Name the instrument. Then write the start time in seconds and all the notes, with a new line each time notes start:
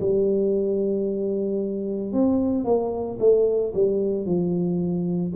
tuba
0.00 G3
2.12 C4
2.64 A#3
3.19 A3
3.74 G3
4.26 F3